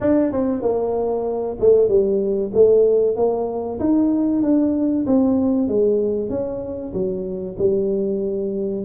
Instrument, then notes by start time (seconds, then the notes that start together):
tuba
0.01 D4
0.32 C4
0.61 A#3
1.60 A3
1.88 G3
2.53 A3
3.16 A#3
3.79 D#4
4.42 D4
5.06 C4
5.68 G#3
6.29 C#4
6.93 F#3
7.58 G3